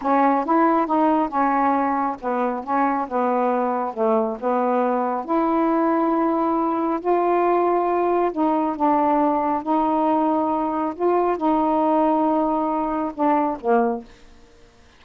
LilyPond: \new Staff \with { instrumentName = "saxophone" } { \time 4/4 \tempo 4 = 137 cis'4 e'4 dis'4 cis'4~ | cis'4 b4 cis'4 b4~ | b4 a4 b2 | e'1 |
f'2. dis'4 | d'2 dis'2~ | dis'4 f'4 dis'2~ | dis'2 d'4 ais4 | }